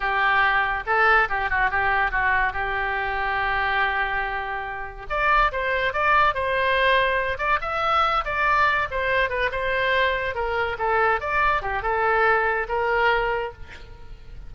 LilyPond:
\new Staff \with { instrumentName = "oboe" } { \time 4/4 \tempo 4 = 142 g'2 a'4 g'8 fis'8 | g'4 fis'4 g'2~ | g'1 | d''4 c''4 d''4 c''4~ |
c''4. d''8 e''4. d''8~ | d''4 c''4 b'8 c''4.~ | c''8 ais'4 a'4 d''4 g'8 | a'2 ais'2 | }